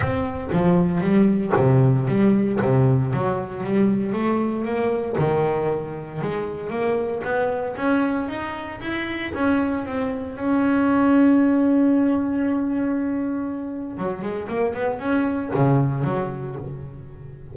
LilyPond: \new Staff \with { instrumentName = "double bass" } { \time 4/4 \tempo 4 = 116 c'4 f4 g4 c4 | g4 c4 fis4 g4 | a4 ais4 dis2 | gis4 ais4 b4 cis'4 |
dis'4 e'4 cis'4 c'4 | cis'1~ | cis'2. fis8 gis8 | ais8 b8 cis'4 cis4 fis4 | }